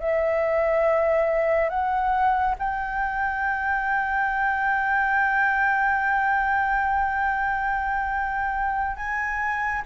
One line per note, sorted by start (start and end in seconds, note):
0.00 1.69 E5
1.69 2.55 F#5
2.59 8.97 G5
8.97 9.83 G#5